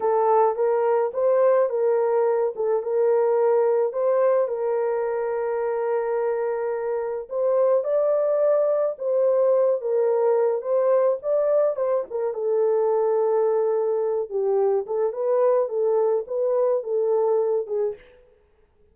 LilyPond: \new Staff \with { instrumentName = "horn" } { \time 4/4 \tempo 4 = 107 a'4 ais'4 c''4 ais'4~ | ais'8 a'8 ais'2 c''4 | ais'1~ | ais'4 c''4 d''2 |
c''4. ais'4. c''4 | d''4 c''8 ais'8 a'2~ | a'4. g'4 a'8 b'4 | a'4 b'4 a'4. gis'8 | }